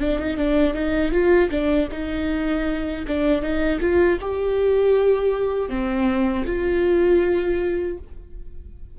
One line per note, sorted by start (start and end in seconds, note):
0.00 0.19 D4
0.19 0.37 D#4
0.37 0.74 D4
0.74 1.12 D#4
1.12 1.50 F4
1.51 1.89 D4
1.91 3.05 D#4
3.08 3.42 D4
3.42 3.80 D#4
3.80 4.18 F4
4.21 5.69 G4
5.69 6.45 C4
6.46 7.98 F4